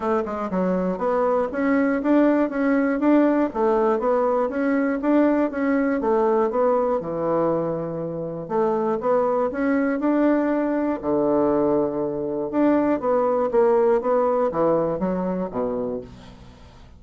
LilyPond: \new Staff \with { instrumentName = "bassoon" } { \time 4/4 \tempo 4 = 120 a8 gis8 fis4 b4 cis'4 | d'4 cis'4 d'4 a4 | b4 cis'4 d'4 cis'4 | a4 b4 e2~ |
e4 a4 b4 cis'4 | d'2 d2~ | d4 d'4 b4 ais4 | b4 e4 fis4 b,4 | }